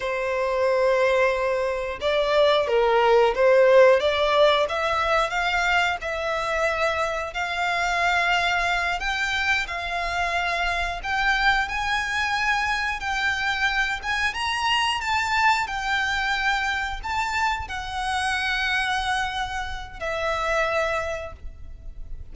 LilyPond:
\new Staff \with { instrumentName = "violin" } { \time 4/4 \tempo 4 = 90 c''2. d''4 | ais'4 c''4 d''4 e''4 | f''4 e''2 f''4~ | f''4. g''4 f''4.~ |
f''8 g''4 gis''2 g''8~ | g''4 gis''8 ais''4 a''4 g''8~ | g''4. a''4 fis''4.~ | fis''2 e''2 | }